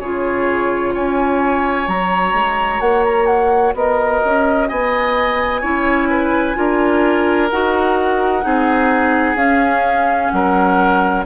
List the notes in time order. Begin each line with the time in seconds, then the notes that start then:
0.00 C#3 F4 G#4 C#5
0.94 C#4 C#5 G#5
1.88 F#3 F#4 A#5
2.34 G#3
2.80 A#3 F#5
3.06 A#5
3.26 F#5
3.74 B3 A#4 D#5
4.25 C#4
4.68 B3 D#5 G#5
5.61 C#4 E4 C#5
6.10 B4
6.55 D4 F4 A#4
7.51 D#4 F#4 F#5
8.42 C4 D#4 G#4
9.36 C#4 F5
10.30 F#3 A#4 F#5